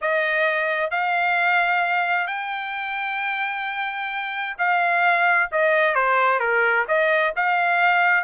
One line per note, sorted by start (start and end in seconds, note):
0.01 0.90 D#5
0.90 2.27 F5
2.27 4.56 G5
4.58 5.49 F5
5.51 5.94 D#5
5.94 6.39 C5
6.39 6.85 A#4
6.88 7.33 D#5
7.36 8.23 F5